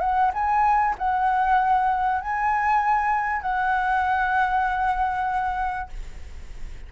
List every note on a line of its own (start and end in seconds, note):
0.00 0.31 F#5
0.33 0.95 G#5
0.98 2.21 F#5
2.21 3.42 G#5
3.42 5.89 F#5